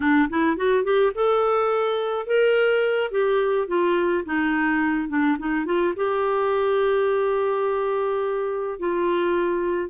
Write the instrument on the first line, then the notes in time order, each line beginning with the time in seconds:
clarinet
0.00 D4
0.29 E4
0.56 F#4
0.84 G4
1.14 A4
2.26 A#4
3.11 G4
3.67 F4
4.25 D#4
5.08 D4
5.38 D#4
5.65 F4
5.96 G4
8.79 F4